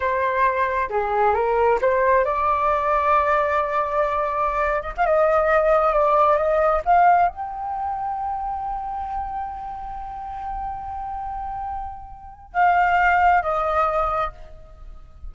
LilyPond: \new Staff \with { instrumentName = "flute" } { \time 4/4 \tempo 4 = 134 c''2 gis'4 ais'4 | c''4 d''2.~ | d''2~ d''8. dis''16 f''16 dis''8.~ | dis''4~ dis''16 d''4 dis''4 f''8.~ |
f''16 g''2.~ g''8.~ | g''1~ | g''1 | f''2 dis''2 | }